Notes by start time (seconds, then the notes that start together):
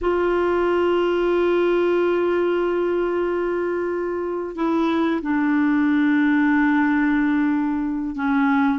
0.01 F4
4.55 E4
5.22 D4
8.15 C#4